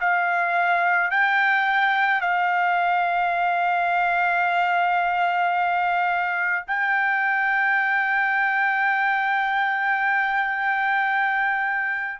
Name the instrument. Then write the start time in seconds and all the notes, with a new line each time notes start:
trumpet
0.00 F5
1.10 G5
2.21 F5
6.67 G5